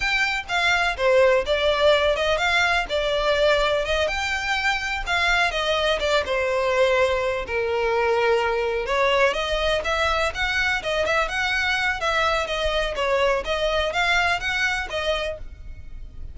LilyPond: \new Staff \with { instrumentName = "violin" } { \time 4/4 \tempo 4 = 125 g''4 f''4 c''4 d''4~ | d''8 dis''8 f''4 d''2 | dis''8 g''2 f''4 dis''8~ | dis''8 d''8 c''2~ c''8 ais'8~ |
ais'2~ ais'8 cis''4 dis''8~ | dis''8 e''4 fis''4 dis''8 e''8 fis''8~ | fis''4 e''4 dis''4 cis''4 | dis''4 f''4 fis''4 dis''4 | }